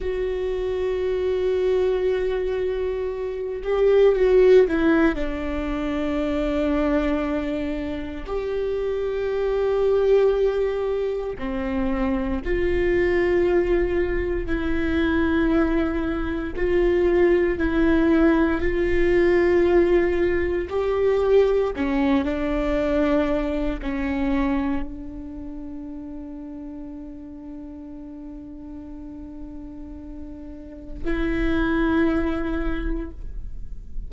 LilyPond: \new Staff \with { instrumentName = "viola" } { \time 4/4 \tempo 4 = 58 fis'2.~ fis'8 g'8 | fis'8 e'8 d'2. | g'2. c'4 | f'2 e'2 |
f'4 e'4 f'2 | g'4 cis'8 d'4. cis'4 | d'1~ | d'2 e'2 | }